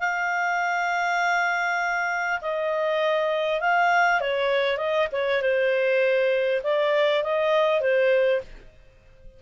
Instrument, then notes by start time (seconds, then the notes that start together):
clarinet
0.00 F5
2.42 D#5
3.61 F5
4.21 C#5
4.78 D#5
5.12 C#5
5.42 C5
6.64 D5
7.24 D#5
7.81 C5